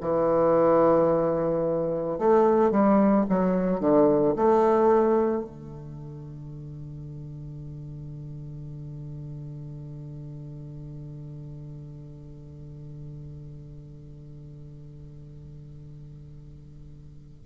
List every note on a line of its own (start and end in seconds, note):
0.00 2.18 E3
2.18 2.70 A3
2.70 3.25 G3
3.29 3.80 F#3
3.80 4.34 D3
4.36 5.44 A3
5.44 17.44 D3